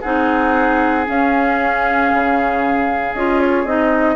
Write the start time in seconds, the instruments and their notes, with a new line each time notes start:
0.00 bassoon C4, clarinet D#4, oboe G#4, flute F#5
1.05 clarinet C#4, bassoon C#4, flute F5
2.12 bassoon C#3
3.14 bassoon C#4, clarinet F4, flute D#5
3.40 flute C#5
3.64 bassoon C4, clarinet D#4, flute D#5